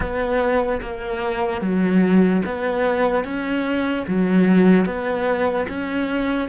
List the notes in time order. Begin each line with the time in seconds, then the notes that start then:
0.00 B3
0.81 A#3
1.61 F#3
2.45 B3
3.24 C#4
4.07 F#3
4.85 B3
5.68 C#4